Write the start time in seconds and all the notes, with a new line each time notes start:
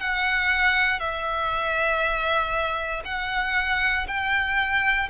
0.00 F#5
0.99 E5
3.05 F#5
4.07 G5